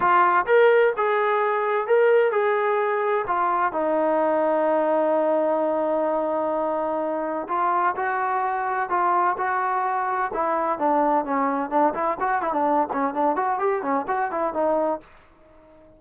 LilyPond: \new Staff \with { instrumentName = "trombone" } { \time 4/4 \tempo 4 = 128 f'4 ais'4 gis'2 | ais'4 gis'2 f'4 | dis'1~ | dis'1 |
f'4 fis'2 f'4 | fis'2 e'4 d'4 | cis'4 d'8 e'8 fis'8 e'16 d'8. cis'8 | d'8 fis'8 g'8 cis'8 fis'8 e'8 dis'4 | }